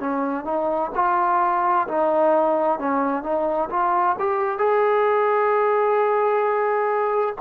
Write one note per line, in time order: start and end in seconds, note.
0.00 0.45 C#4
0.45 0.91 D#4
0.95 1.88 F4
1.88 2.79 D#4
2.79 3.23 C#4
3.23 3.69 D#4
3.70 4.16 F4
4.19 4.59 G4
4.59 7.36 G#4